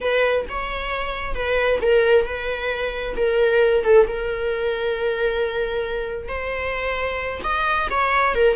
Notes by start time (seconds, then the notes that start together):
0.00 B4
0.49 C#5
1.34 B4
1.81 A#4
2.25 B4
3.16 A#4
3.83 A4
4.07 A#4
6.28 C5
7.43 D#5
7.90 C#5
8.34 A#4